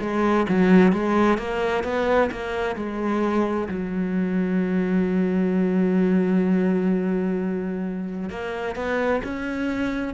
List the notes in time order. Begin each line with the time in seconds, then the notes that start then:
0.00 G#3
0.49 F#3
0.92 G#3
1.38 A#3
1.83 B3
2.31 A#3
2.75 G#3
3.68 F#3
8.29 A#3
8.75 B3
9.23 C#4